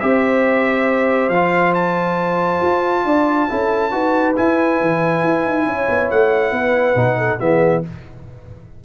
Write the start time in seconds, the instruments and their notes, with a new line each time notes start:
0.00 tuba C4, trombone G4, horn C5, trumpet E5
1.29 tuba F3, trombone F4, trumpet F5
1.74 trumpet A5
2.62 tuba F4
3.05 tuba D4, horn D5
3.50 tuba C#4, trombone E4, horn A4
3.91 tuba D#4, trombone F#4, horn B4
4.36 trombone E4, tuba E4, trumpet G#5
4.81 tuba E3
5.24 tuba E4
5.46 tuba D#4
5.66 tuba C#4, horn C#5
5.89 tuba B3
6.10 tuba A3, trumpet F#5
6.52 tuba B3, horn B4
6.95 tuba B2, trombone D#4
7.18 horn A4
7.39 tuba E3, trombone B3, horn G#4, trumpet E5